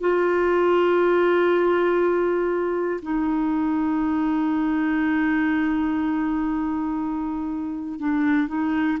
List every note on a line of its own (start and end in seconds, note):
0.00 3.00 F4
3.01 7.99 D#4
7.99 8.48 D4
8.48 8.98 D#4